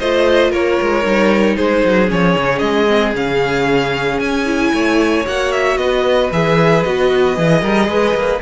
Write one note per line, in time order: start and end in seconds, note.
0.00 0.52 A3
0.00 1.04 F4
0.00 0.51 C5
0.00 0.53 D#5
0.51 0.79 A#3
0.51 1.56 A#4
0.51 1.57 C#5
0.82 1.05 G#3
1.04 1.58 G3
1.04 2.08 D#4
1.57 1.84 G#3
1.57 4.73 G#4
1.57 2.10 C5
1.85 2.11 F#3
2.08 2.36 F3
2.08 2.87 C#4
2.08 2.59 C#5
2.36 2.61 C#3
2.59 3.14 G#3
2.59 3.12 D#5
2.88 3.14 C4
3.14 4.19 C#3
3.14 4.46 C#4
3.14 4.21 F5
4.20 4.72 C#4
4.20 5.26 G#5
4.46 5.24 E4
4.74 5.26 A3
4.74 5.79 C#5
5.26 5.78 A#3
5.26 6.31 F#4
5.26 5.52 F#5
5.52 5.78 E5
5.78 6.30 B3
5.78 7.61 B4
5.78 6.30 D#5
6.32 6.84 E3
6.32 6.86 G#4
6.32 6.83 E5
6.83 7.38 B3
6.83 7.36 F#4
6.83 8.41 D#5
7.36 7.62 E3
7.36 8.41 G#4
7.61 7.88 G3
7.61 7.87 A#4
7.88 8.14 G#3
7.88 8.42 B4
8.15 8.41 A#3